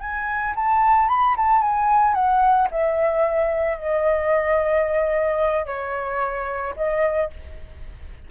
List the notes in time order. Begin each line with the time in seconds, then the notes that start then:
0.00 G#5
0.55 A5
1.08 B5
1.36 A5
1.61 G#5
2.14 F#5
2.71 E5
3.78 D#5
5.66 C#5
6.76 D#5